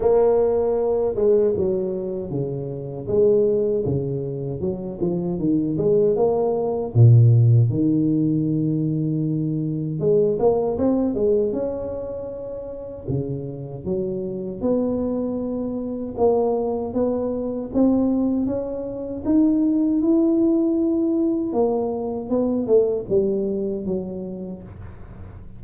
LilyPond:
\new Staff \with { instrumentName = "tuba" } { \time 4/4 \tempo 4 = 78 ais4. gis8 fis4 cis4 | gis4 cis4 fis8 f8 dis8 gis8 | ais4 ais,4 dis2~ | dis4 gis8 ais8 c'8 gis8 cis'4~ |
cis'4 cis4 fis4 b4~ | b4 ais4 b4 c'4 | cis'4 dis'4 e'2 | ais4 b8 a8 g4 fis4 | }